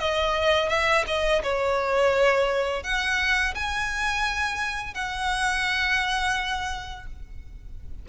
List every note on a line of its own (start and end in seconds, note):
0.00 0.69 D#5
0.69 1.05 E5
1.07 1.43 D#5
1.43 2.84 C#5
2.84 3.55 F#5
3.55 4.95 G#5
4.95 7.07 F#5